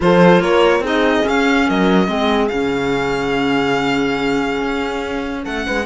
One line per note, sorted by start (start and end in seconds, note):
0.00 0.39 F3
0.00 0.83 F4
0.00 0.42 A4
0.00 0.41 C5
0.39 0.79 A#3
0.39 0.82 A#4
0.39 0.83 C#5
0.79 1.21 C4
0.79 1.23 D#4
0.79 1.66 G#4
0.87 1.28 D#5
1.23 2.07 C#4
1.23 1.69 C#4
1.23 1.69 F5
1.67 2.07 F#3
1.67 2.08 A#4
1.67 2.48 D#5
2.07 2.49 G#3
2.07 2.49 C4
2.07 5.43 G#4
2.48 4.62 C#3
2.48 5.85 C#4
2.48 5.42 F5
4.62 5.45 C#4
5.43 5.67 A3
5.43 5.64 A4
5.43 5.85 F#5
5.66 5.85 G#3
5.66 5.85 B4